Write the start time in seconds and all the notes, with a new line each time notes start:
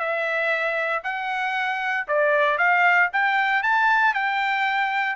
0.00 E5
1.04 F#5
2.08 D5
2.59 F5
3.13 G5
3.63 A5
4.14 G5